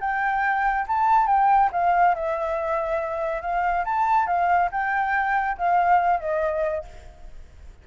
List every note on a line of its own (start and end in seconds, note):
0.00 0.86 G5
0.87 1.27 A5
1.27 1.69 G5
1.72 2.14 F5
2.14 3.41 E5
3.41 3.84 F5
3.85 4.26 A5
4.26 4.69 F5
4.71 5.57 G5
5.57 6.20 F5
6.20 6.84 D#5